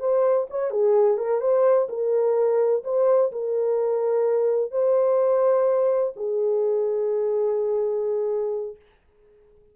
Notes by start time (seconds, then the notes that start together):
0.00 C5
0.50 C#5
0.71 G#4
1.18 A#4
1.41 C5
1.89 A#4
2.84 C5
3.32 A#4
4.72 C5
6.16 G#4